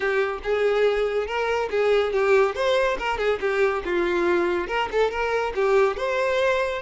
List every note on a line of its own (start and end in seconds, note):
0.00 0.39 G4
0.43 1.26 G#4
1.26 1.69 A#4
1.70 2.12 G#4
2.12 2.55 G4
2.55 2.97 C5
2.98 3.17 A#4
3.17 3.39 G#4
3.40 3.82 G4
3.84 4.67 F4
4.67 4.89 A#4
4.91 5.10 A4
5.10 5.53 A#4
5.55 5.96 G4
5.96 6.81 C5